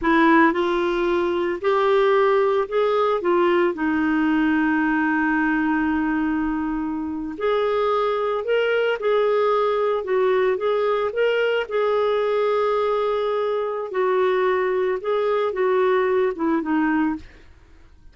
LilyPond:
\new Staff \with { instrumentName = "clarinet" } { \time 4/4 \tempo 4 = 112 e'4 f'2 g'4~ | g'4 gis'4 f'4 dis'4~ | dis'1~ | dis'4.~ dis'16 gis'2 ais'16~ |
ais'8. gis'2 fis'4 gis'16~ | gis'8. ais'4 gis'2~ gis'16~ | gis'2 fis'2 | gis'4 fis'4. e'8 dis'4 | }